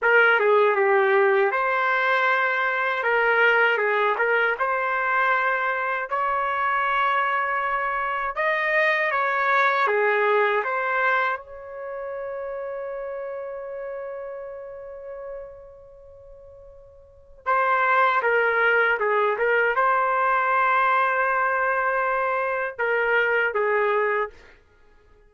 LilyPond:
\new Staff \with { instrumentName = "trumpet" } { \time 4/4 \tempo 4 = 79 ais'8 gis'8 g'4 c''2 | ais'4 gis'8 ais'8 c''2 | cis''2. dis''4 | cis''4 gis'4 c''4 cis''4~ |
cis''1~ | cis''2. c''4 | ais'4 gis'8 ais'8 c''2~ | c''2 ais'4 gis'4 | }